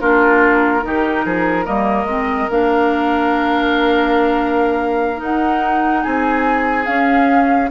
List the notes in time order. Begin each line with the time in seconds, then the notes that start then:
0.00 A#3 D4 F4 A#4
0.82 D#3 D#4 G4
1.24 F3 G#4
1.64 G3 A#3 A#4 D#5
2.05 G#3 C4
2.50 A#3 D4 F5
5.16 D#4 F#5
6.03 C4 G#4 G#5
6.86 C#4 F5